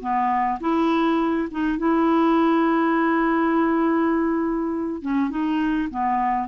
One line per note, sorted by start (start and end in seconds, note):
0.00 0.59 B3
0.60 1.48 E4
1.51 1.78 D#4
1.78 5.02 E4
5.02 5.30 C#4
5.30 5.89 D#4
5.90 6.48 B3